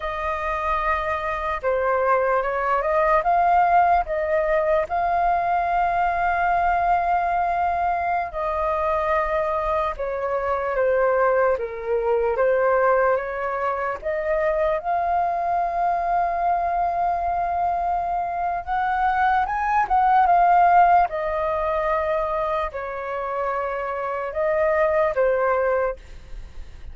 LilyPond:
\new Staff \with { instrumentName = "flute" } { \time 4/4 \tempo 4 = 74 dis''2 c''4 cis''8 dis''8 | f''4 dis''4 f''2~ | f''2~ f''16 dis''4.~ dis''16~ | dis''16 cis''4 c''4 ais'4 c''8.~ |
c''16 cis''4 dis''4 f''4.~ f''16~ | f''2. fis''4 | gis''8 fis''8 f''4 dis''2 | cis''2 dis''4 c''4 | }